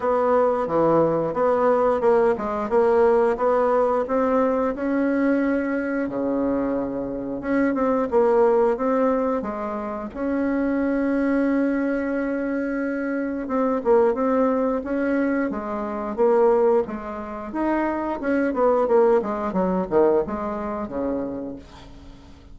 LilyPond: \new Staff \with { instrumentName = "bassoon" } { \time 4/4 \tempo 4 = 89 b4 e4 b4 ais8 gis8 | ais4 b4 c'4 cis'4~ | cis'4 cis2 cis'8 c'8 | ais4 c'4 gis4 cis'4~ |
cis'1 | c'8 ais8 c'4 cis'4 gis4 | ais4 gis4 dis'4 cis'8 b8 | ais8 gis8 fis8 dis8 gis4 cis4 | }